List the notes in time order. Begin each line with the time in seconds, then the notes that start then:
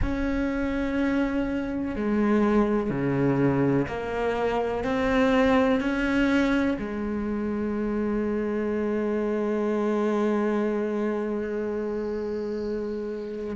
0.02 C#4
1.95 G#3
2.89 C#3
3.87 A#3
4.84 C4
5.80 C#4
6.78 G#3